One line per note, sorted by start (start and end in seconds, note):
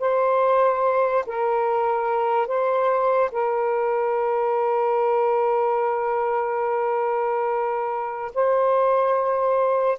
0.00 1.25 C5
1.27 2.47 A#4
2.47 3.31 C5
3.32 8.32 A#4
8.34 9.98 C5